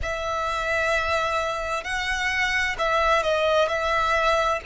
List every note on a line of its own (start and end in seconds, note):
0.02 1.83 E5
1.83 2.76 F#5
2.78 3.22 E5
3.22 3.68 D#5
3.68 4.60 E5